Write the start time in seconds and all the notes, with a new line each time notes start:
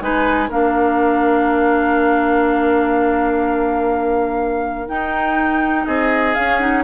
0.00 G#3 D#4 B4 G#5
0.49 A#3 D4 A#4 F5
4.88 D#4 G5
5.85 C4 G#4 D#5
6.34 C#4 F5
6.58 D#4 F#5